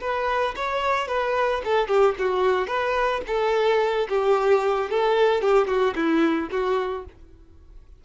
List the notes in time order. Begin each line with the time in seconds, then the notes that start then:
0.00 B4
0.56 C#5
1.07 B4
1.64 A4
1.87 G4
2.18 F#4
2.67 B4
3.27 A4
4.09 G4
4.90 A4
5.41 G4
5.67 F#4
5.95 E4
6.50 F#4